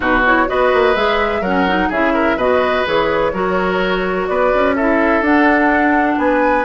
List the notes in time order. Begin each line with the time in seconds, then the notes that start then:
0.00 B2 D#4 F#4 B4
0.25 E4 C#5
0.47 B3 F#4 B4 D#5
0.73 A#3
0.95 G#3 G#4 E5
1.41 F#3 C#4 A#4 F#5
1.68 D#4
1.89 C#3 E4 G#4 E5
2.14 A#4
2.35 B2 F#4 B4 D#5
2.85 E3 G#4 C#5
3.32 F#3 F#4 A#4
4.27 B3 B4 D5
4.54 C#4
4.75 E4 A4 E5
5.21 D4 F#5
6.18 B3 B4 G#5